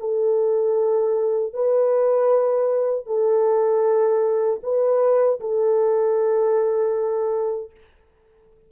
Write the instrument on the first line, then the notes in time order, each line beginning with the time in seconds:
horn
0.00 A4
1.53 B4
3.07 A4
4.63 B4
5.41 A4